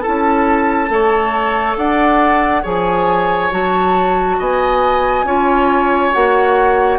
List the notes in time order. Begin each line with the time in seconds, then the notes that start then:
0.00 E4 A4 A5
0.07 C#4
0.88 A3 A4 C#5
1.76 D4 D5 F#5
2.62 F3 G#4 C#5 G#5
3.51 F#3 F#4 A5
4.39 B3 D#5 G#5
5.23 C#4 F4 C#5
6.12 A#3 F#4 F#5